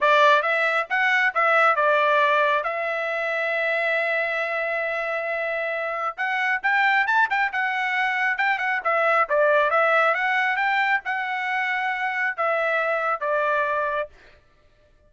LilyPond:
\new Staff \with { instrumentName = "trumpet" } { \time 4/4 \tempo 4 = 136 d''4 e''4 fis''4 e''4 | d''2 e''2~ | e''1~ | e''2 fis''4 g''4 |
a''8 g''8 fis''2 g''8 fis''8 | e''4 d''4 e''4 fis''4 | g''4 fis''2. | e''2 d''2 | }